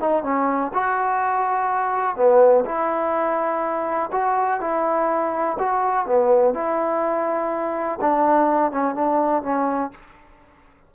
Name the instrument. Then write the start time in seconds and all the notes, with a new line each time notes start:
trombone
0.00 D#4
0.23 C#4
0.73 F#4
2.16 B3
2.65 E4
4.12 F#4
4.60 E4
5.59 F#4
6.06 B3
6.54 E4
8.01 D4
8.72 C#4
8.94 D4
9.42 C#4